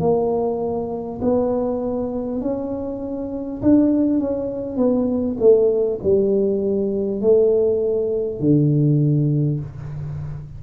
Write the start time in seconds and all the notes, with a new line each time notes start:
0.00 A#3
1.22 B3
2.42 C#4
3.62 D4
4.19 C#4
4.77 B3
5.40 A3
6.03 G3
7.21 A3
8.40 D3